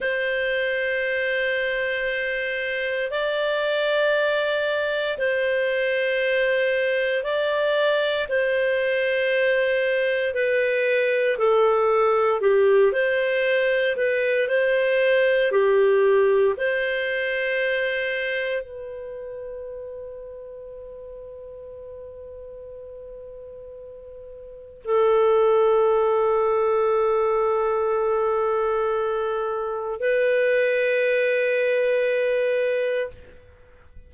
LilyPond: \new Staff \with { instrumentName = "clarinet" } { \time 4/4 \tempo 4 = 58 c''2. d''4~ | d''4 c''2 d''4 | c''2 b'4 a'4 | g'8 c''4 b'8 c''4 g'4 |
c''2 b'2~ | b'1 | a'1~ | a'4 b'2. | }